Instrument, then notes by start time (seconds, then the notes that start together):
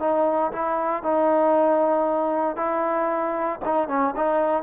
trombone
0.00 D#4
0.52 E4
1.03 D#4
2.56 E4
3.65 D#4
3.88 C#4
4.16 D#4